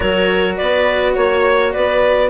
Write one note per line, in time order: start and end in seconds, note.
0.00 0.60 F#3
0.00 2.30 F#4
0.00 0.57 A#4
0.00 0.55 C#5
0.56 1.16 B3
0.56 1.14 B4
0.56 1.14 D5
1.14 1.74 A#3
1.14 1.72 C#5
1.14 1.73 C#5
1.72 2.30 B3
1.72 2.30 B4
1.72 2.30 D5